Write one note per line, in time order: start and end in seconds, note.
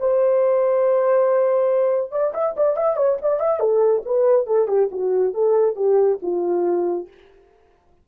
0.00 2.12 C5
2.12 2.33 D5
2.34 2.56 E5
2.57 2.77 D5
2.77 2.97 E5
2.97 3.18 C#5
3.22 3.40 D5
3.40 3.60 E5
3.60 4.03 A4
4.06 4.47 B4
4.47 4.68 A4
4.68 4.90 G4
4.92 5.34 F#4
5.34 5.76 A4
5.76 6.19 G4
6.22 7.08 F4